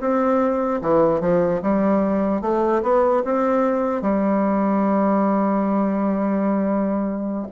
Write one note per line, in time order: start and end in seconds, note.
0.00 0.81 C4
0.81 1.21 E3
1.21 1.61 F3
1.62 2.41 G3
2.41 2.82 A3
2.82 3.23 B3
3.25 4.02 C4
4.02 7.46 G3